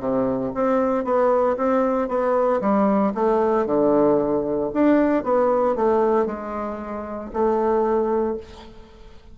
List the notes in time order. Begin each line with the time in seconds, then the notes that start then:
0.00 C3
0.55 C4
1.05 B3
1.57 C4
2.08 B3
2.61 G3
3.14 A3
3.66 D3
4.74 D4
5.24 B3
5.76 A3
6.26 G#3
7.33 A3